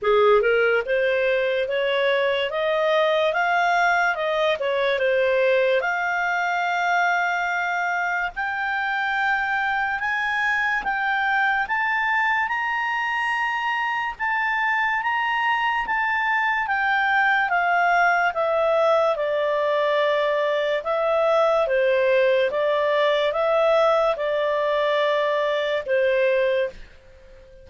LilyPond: \new Staff \with { instrumentName = "clarinet" } { \time 4/4 \tempo 4 = 72 gis'8 ais'8 c''4 cis''4 dis''4 | f''4 dis''8 cis''8 c''4 f''4~ | f''2 g''2 | gis''4 g''4 a''4 ais''4~ |
ais''4 a''4 ais''4 a''4 | g''4 f''4 e''4 d''4~ | d''4 e''4 c''4 d''4 | e''4 d''2 c''4 | }